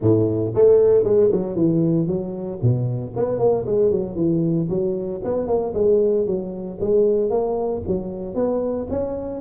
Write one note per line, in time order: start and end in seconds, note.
0.01 0.53 A2
0.54 1.04 A3
1.04 1.30 G#3
1.32 1.55 F#3
1.55 2.07 E3
2.07 2.59 F#3
2.62 3.14 B2
3.16 3.38 B3
3.38 3.65 A#3
3.65 3.91 G#3
3.91 4.15 F#3
4.15 4.67 E3
4.69 5.21 F#3
5.24 5.47 B3
5.47 5.73 A#3
5.74 6.26 G#3
6.26 6.78 F#3
6.80 7.29 G#3
7.29 7.82 A#3
7.87 8.34 F#3
8.34 8.86 B3
8.90 9.40 C#4